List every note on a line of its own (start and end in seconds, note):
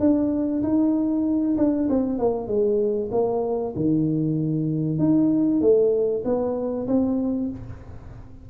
0.00 0.62 D4
0.63 1.57 D#4
1.57 1.89 D4
1.89 2.18 C4
2.18 2.47 A#3
2.47 3.10 G#3
3.12 3.74 A#3
3.76 4.99 D#3
4.99 5.61 D#4
5.61 6.23 A3
6.24 6.87 B3
6.88 7.50 C4